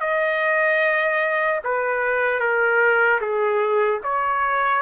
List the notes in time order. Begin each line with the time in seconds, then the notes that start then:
0.00 D#5
1.64 B4
2.40 A#4
3.21 G#4
4.03 C#5